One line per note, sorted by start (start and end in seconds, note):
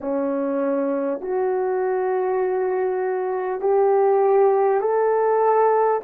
0.01 1.20 C#4
1.20 3.60 F#4
3.60 4.80 G4
4.81 6.01 A4